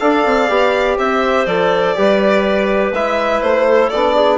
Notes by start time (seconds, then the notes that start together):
0.00 D4 A4 D5 F5
0.26 C4
0.49 B3 G4
0.98 C4 C5 E5
1.46 F3 A4 D5
1.96 G3 G4 B4
2.93 G#3 E4 E5
3.42 A3 C5
3.69 A4
3.90 B3 D4 D5
4.15 G#4